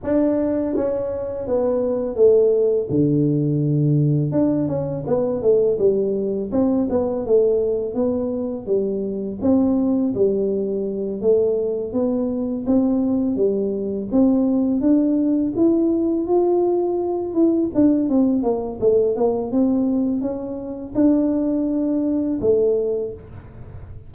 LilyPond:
\new Staff \with { instrumentName = "tuba" } { \time 4/4 \tempo 4 = 83 d'4 cis'4 b4 a4 | d2 d'8 cis'8 b8 a8 | g4 c'8 b8 a4 b4 | g4 c'4 g4. a8~ |
a8 b4 c'4 g4 c'8~ | c'8 d'4 e'4 f'4. | e'8 d'8 c'8 ais8 a8 ais8 c'4 | cis'4 d'2 a4 | }